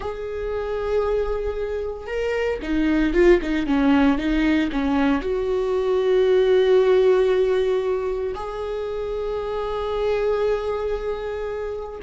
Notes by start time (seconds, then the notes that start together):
0.00 G#4
2.07 A#4
2.62 D#4
3.13 F4
3.42 D#4
3.66 C#4
4.17 D#4
4.72 C#4
5.21 F#4
8.35 G#4